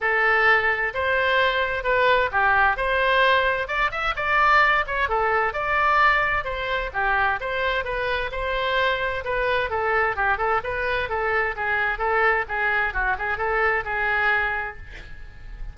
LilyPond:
\new Staff \with { instrumentName = "oboe" } { \time 4/4 \tempo 4 = 130 a'2 c''2 | b'4 g'4 c''2 | d''8 e''8 d''4. cis''8 a'4 | d''2 c''4 g'4 |
c''4 b'4 c''2 | b'4 a'4 g'8 a'8 b'4 | a'4 gis'4 a'4 gis'4 | fis'8 gis'8 a'4 gis'2 | }